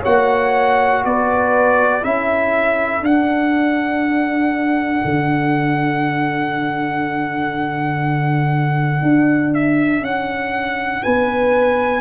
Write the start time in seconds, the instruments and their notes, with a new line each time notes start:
0.00 tuba A#3, trombone F#4, horn C#5, trumpet F#5
1.05 tuba B3, horn B4, trumpet D5
2.01 tuba C#4, trombone E4, horn A4, trumpet E5
3.01 tuba D4, trombone D4, trumpet F#5
5.04 tuba D3
9.02 tuba D4
9.54 trumpet E5
10.00 tuba C#4, trumpet F#5
11.03 tuba B3, horn B4, trumpet G#5